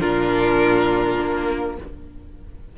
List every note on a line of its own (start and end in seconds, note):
0.00 1.19 A#2
0.00 1.77 D4
0.00 1.76 F4
0.00 1.77 A#4
1.19 1.78 A#3